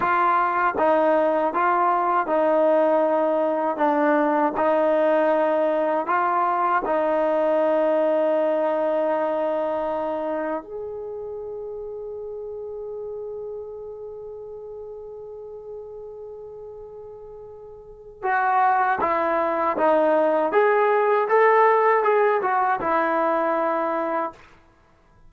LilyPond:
\new Staff \with { instrumentName = "trombone" } { \time 4/4 \tempo 4 = 79 f'4 dis'4 f'4 dis'4~ | dis'4 d'4 dis'2 | f'4 dis'2.~ | dis'2 gis'2~ |
gis'1~ | gis'1 | fis'4 e'4 dis'4 gis'4 | a'4 gis'8 fis'8 e'2 | }